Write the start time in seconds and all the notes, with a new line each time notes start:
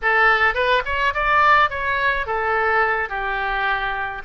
0.02 A4
0.54 B4
0.85 C#5
1.14 D5
1.70 C#5
2.26 A4
3.09 G4